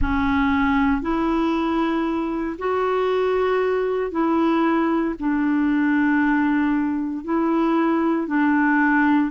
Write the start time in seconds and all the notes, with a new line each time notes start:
0.00 C#4
1.01 E4
2.58 F#4
4.11 E4
5.19 D4
7.24 E4
8.27 D4